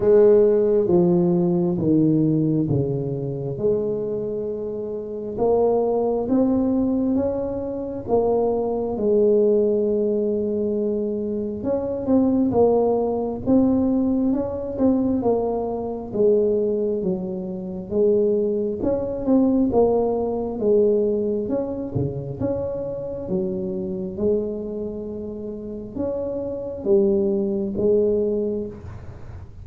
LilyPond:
\new Staff \with { instrumentName = "tuba" } { \time 4/4 \tempo 4 = 67 gis4 f4 dis4 cis4 | gis2 ais4 c'4 | cis'4 ais4 gis2~ | gis4 cis'8 c'8 ais4 c'4 |
cis'8 c'8 ais4 gis4 fis4 | gis4 cis'8 c'8 ais4 gis4 | cis'8 cis8 cis'4 fis4 gis4~ | gis4 cis'4 g4 gis4 | }